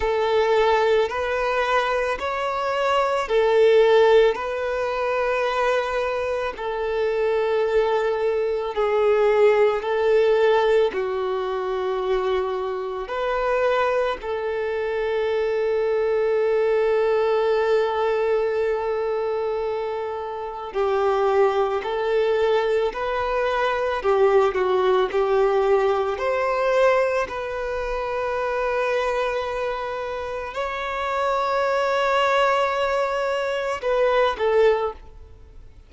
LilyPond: \new Staff \with { instrumentName = "violin" } { \time 4/4 \tempo 4 = 55 a'4 b'4 cis''4 a'4 | b'2 a'2 | gis'4 a'4 fis'2 | b'4 a'2.~ |
a'2. g'4 | a'4 b'4 g'8 fis'8 g'4 | c''4 b'2. | cis''2. b'8 a'8 | }